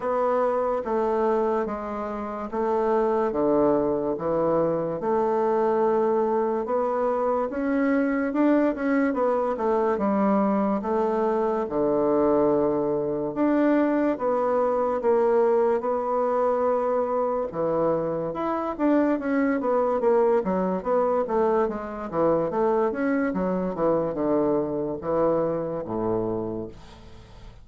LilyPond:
\new Staff \with { instrumentName = "bassoon" } { \time 4/4 \tempo 4 = 72 b4 a4 gis4 a4 | d4 e4 a2 | b4 cis'4 d'8 cis'8 b8 a8 | g4 a4 d2 |
d'4 b4 ais4 b4~ | b4 e4 e'8 d'8 cis'8 b8 | ais8 fis8 b8 a8 gis8 e8 a8 cis'8 | fis8 e8 d4 e4 a,4 | }